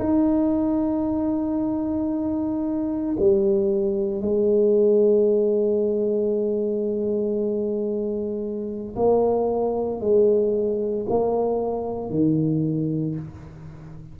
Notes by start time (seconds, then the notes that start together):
0.00 D#4
3.20 G3
4.22 G#3
8.96 A#3
10.01 G#3
11.10 A#3
12.11 D#3